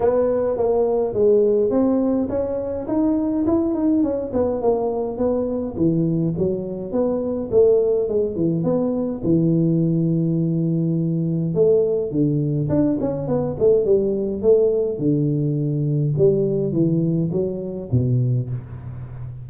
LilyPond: \new Staff \with { instrumentName = "tuba" } { \time 4/4 \tempo 4 = 104 b4 ais4 gis4 c'4 | cis'4 dis'4 e'8 dis'8 cis'8 b8 | ais4 b4 e4 fis4 | b4 a4 gis8 e8 b4 |
e1 | a4 d4 d'8 cis'8 b8 a8 | g4 a4 d2 | g4 e4 fis4 b,4 | }